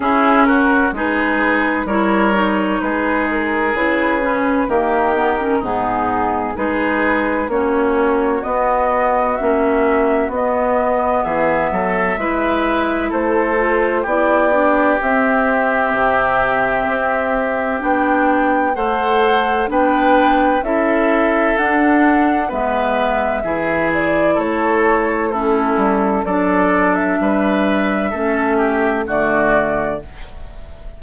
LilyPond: <<
  \new Staff \with { instrumentName = "flute" } { \time 4/4 \tempo 4 = 64 gis'8 ais'8 b'4 cis''4 b'8 ais'8 | b'4 ais'4 gis'4 b'4 | cis''4 dis''4 e''4 dis''4 | e''2 c''4 d''4 |
e''2. g''4 | fis''4 g''4 e''4 fis''4 | e''4. d''8 cis''4 a'4 | d''8. e''2~ e''16 d''4 | }
  \new Staff \with { instrumentName = "oboe" } { \time 4/4 e'8 fis'8 gis'4 ais'4 gis'4~ | gis'4 g'4 dis'4 gis'4 | fis'1 | gis'8 a'8 b'4 a'4 g'4~ |
g'1 | c''4 b'4 a'2 | b'4 gis'4 a'4 e'4 | a'4 b'4 a'8 g'8 fis'4 | }
  \new Staff \with { instrumentName = "clarinet" } { \time 4/4 cis'4 dis'4 e'8 dis'4. | e'8 cis'8 ais8 b16 cis'16 b4 dis'4 | cis'4 b4 cis'4 b4~ | b4 e'4. f'8 e'8 d'8 |
c'2. d'4 | a'4 d'4 e'4 d'4 | b4 e'2 cis'4 | d'2 cis'4 a4 | }
  \new Staff \with { instrumentName = "bassoon" } { \time 4/4 cis'4 gis4 g4 gis4 | cis4 dis4 gis,4 gis4 | ais4 b4 ais4 b4 | e8 fis8 gis4 a4 b4 |
c'4 c4 c'4 b4 | a4 b4 cis'4 d'4 | gis4 e4 a4. g8 | fis4 g4 a4 d4 | }
>>